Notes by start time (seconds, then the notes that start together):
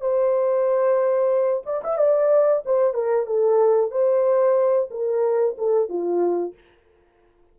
0.00 C5
1.65 D5
1.83 E5
1.97 D5
2.65 C5
2.93 A#4
3.26 A4
3.91 C5
4.90 A#4
5.57 A4
5.89 F4